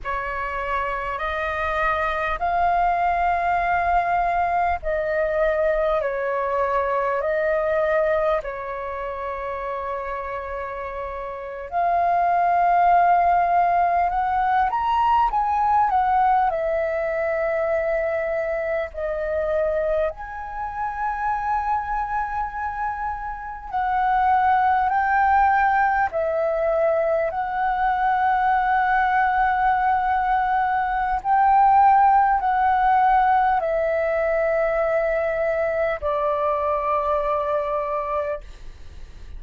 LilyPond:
\new Staff \with { instrumentName = "flute" } { \time 4/4 \tempo 4 = 50 cis''4 dis''4 f''2 | dis''4 cis''4 dis''4 cis''4~ | cis''4.~ cis''16 f''2 fis''16~ | fis''16 ais''8 gis''8 fis''8 e''2 dis''16~ |
dis''8. gis''2. fis''16~ | fis''8. g''4 e''4 fis''4~ fis''16~ | fis''2 g''4 fis''4 | e''2 d''2 | }